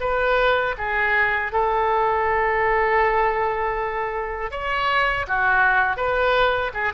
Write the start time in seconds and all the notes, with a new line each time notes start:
0.00 B4
0.77 G#4
1.52 A4
4.51 C#5
5.27 F#4
5.96 B4
6.73 G#4